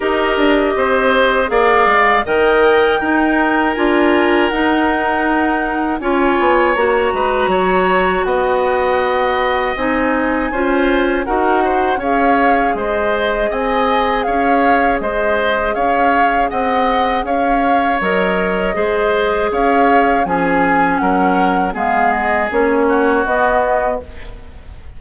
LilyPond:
<<
  \new Staff \with { instrumentName = "flute" } { \time 4/4 \tempo 4 = 80 dis''2 f''4 g''4~ | g''4 gis''4 fis''2 | gis''4 ais''2 fis''4~ | fis''4 gis''2 fis''4 |
f''4 dis''4 gis''4 f''4 | dis''4 f''4 fis''4 f''4 | dis''2 f''4 gis''4 | fis''4 f''8 dis''8 cis''4 dis''4 | }
  \new Staff \with { instrumentName = "oboe" } { \time 4/4 ais'4 c''4 d''4 dis''4 | ais'1 | cis''4. b'8 cis''4 dis''4~ | dis''2 c''4 ais'8 c''8 |
cis''4 c''4 dis''4 cis''4 | c''4 cis''4 dis''4 cis''4~ | cis''4 c''4 cis''4 gis'4 | ais'4 gis'4. fis'4. | }
  \new Staff \with { instrumentName = "clarinet" } { \time 4/4 g'2 gis'4 ais'4 | dis'4 f'4 dis'2 | f'4 fis'2.~ | fis'4 dis'4 f'4 fis'4 |
gis'1~ | gis'1 | ais'4 gis'2 cis'4~ | cis'4 b4 cis'4 b4 | }
  \new Staff \with { instrumentName = "bassoon" } { \time 4/4 dis'8 d'8 c'4 ais8 gis8 dis4 | dis'4 d'4 dis'2 | cis'8 b8 ais8 gis8 fis4 b4~ | b4 c'4 cis'4 dis'4 |
cis'4 gis4 c'4 cis'4 | gis4 cis'4 c'4 cis'4 | fis4 gis4 cis'4 f4 | fis4 gis4 ais4 b4 | }
>>